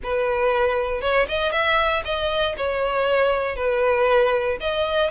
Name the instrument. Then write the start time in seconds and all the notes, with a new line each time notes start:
violin
0.03 B4
1.01 C#5
1.28 D#5
1.52 E5
2.04 D#5
2.57 C#5
3.56 B4
4.60 D#5